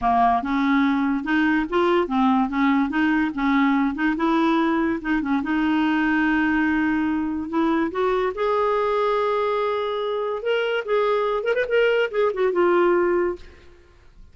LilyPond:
\new Staff \with { instrumentName = "clarinet" } { \time 4/4 \tempo 4 = 144 ais4 cis'2 dis'4 | f'4 c'4 cis'4 dis'4 | cis'4. dis'8 e'2 | dis'8 cis'8 dis'2.~ |
dis'2 e'4 fis'4 | gis'1~ | gis'4 ais'4 gis'4. ais'16 b'16 | ais'4 gis'8 fis'8 f'2 | }